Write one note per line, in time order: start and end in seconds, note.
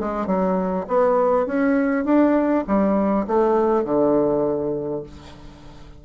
0.00 0.27 G#3
0.27 0.86 F#3
0.88 1.47 B3
1.47 2.05 C#4
2.05 2.65 D4
2.68 3.27 G3
3.28 3.85 A3
3.85 5.04 D3